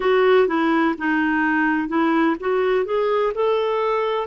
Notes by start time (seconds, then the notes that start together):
0.00 F#4
0.47 E4
0.97 D#4
1.88 E4
2.39 F#4
2.85 G#4
3.34 A4